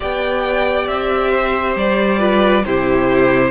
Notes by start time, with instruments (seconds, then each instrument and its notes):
0.00 cello B3, viola G4, violin D5 G5
0.87 cello C4, violin E5
1.31 violin C5
1.76 cello G3, violin D5
2.18 viola F4, violin B4
2.65 cello C3, viola E4, violin G4 C5